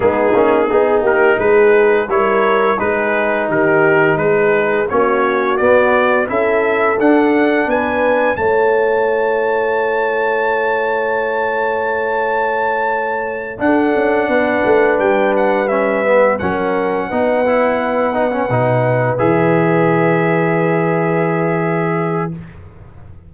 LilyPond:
<<
  \new Staff \with { instrumentName = "trumpet" } { \time 4/4 \tempo 4 = 86 gis'4. ais'8 b'4 cis''4 | b'4 ais'4 b'4 cis''4 | d''4 e''4 fis''4 gis''4 | a''1~ |
a''2.~ a''8 fis''8~ | fis''4. g''8 fis''8 e''4 fis''8~ | fis''2.~ fis''8 e''8~ | e''1 | }
  \new Staff \with { instrumentName = "horn" } { \time 4/4 dis'4 gis'8 g'8 gis'4 ais'4 | gis'4 g'4 gis'4 fis'4~ | fis'4 a'2 b'4 | cis''1~ |
cis''2.~ cis''8 a'8~ | a'8 b'2. ais'8~ | ais'8 b'2.~ b'8~ | b'1 | }
  \new Staff \with { instrumentName = "trombone" } { \time 4/4 b8 cis'8 dis'2 e'4 | dis'2. cis'4 | b4 e'4 d'2 | e'1~ |
e'2.~ e'8 d'8~ | d'2~ d'8 cis'8 b8 cis'8~ | cis'8 dis'8 e'4 dis'16 cis'16 dis'4 gis'8~ | gis'1 | }
  \new Staff \with { instrumentName = "tuba" } { \time 4/4 gis8 ais8 b8 ais8 gis4 g4 | gis4 dis4 gis4 ais4 | b4 cis'4 d'4 b4 | a1~ |
a2.~ a8 d'8 | cis'8 b8 a8 g2 fis8~ | fis8 b2 b,4 e8~ | e1 | }
>>